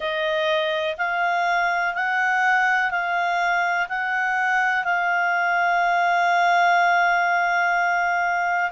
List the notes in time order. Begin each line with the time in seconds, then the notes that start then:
0.00 D#5
0.97 F5
1.94 F#5
2.90 F5
3.88 F#5
4.84 F5